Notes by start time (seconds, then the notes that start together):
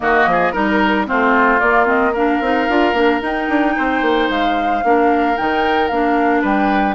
0.00 D#3 A#3 F#4 D#5
0.26 F3 G#4
0.51 G3 D#4 A#4
1.05 A3 C4 F4 C5
1.59 A#3 D5
1.85 C4 D#5
2.12 D4 A#4 F5
2.40 C4 D#4
2.69 D4 F4
2.93 A#3 D4
3.21 D#4 G5
3.48 D4
3.76 C4 C5
4.01 A#3
4.29 G#3 F5
4.83 A#3 D4 A#4
5.36 D#3 D#4 G5
5.87 A#3 D4 F5
6.41 G3 B4 G5